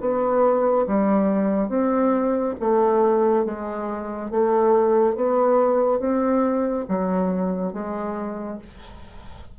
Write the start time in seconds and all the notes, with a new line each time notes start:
0.00 B3
0.86 G3
1.68 C4
2.59 A3
3.45 G#3
4.30 A3
5.15 B3
5.99 C4
6.88 F#3
7.73 G#3